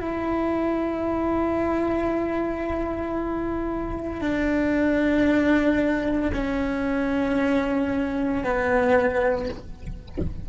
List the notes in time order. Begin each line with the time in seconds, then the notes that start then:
0.00 E4
4.21 D4
6.33 C#4
8.44 B3